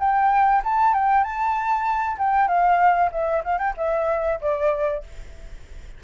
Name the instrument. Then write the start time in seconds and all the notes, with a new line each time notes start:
flute
0.00 G5
0.64 A5
0.94 G5
1.24 A5
2.18 G5
2.48 F5
3.12 E5
3.44 F5
3.59 G5
3.78 E5
4.41 D5